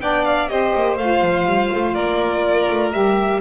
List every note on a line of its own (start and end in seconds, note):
0.00 0.48 B3
0.00 0.48 D4
0.00 0.50 D5
0.00 0.24 G5
0.24 0.48 F5
0.48 0.73 C4
0.48 0.97 G4
0.48 1.93 C5
0.48 0.97 D#5
0.74 0.97 A#3
0.97 1.21 A3
0.97 2.92 F4
0.97 1.94 F5
1.21 1.45 F3
1.45 1.69 G3
1.74 1.94 A3
1.93 2.68 A#3
1.93 3.40 A#4
1.93 2.91 D5
2.69 2.93 A3
2.91 3.40 G3
2.91 3.40 G4
2.91 3.40 E5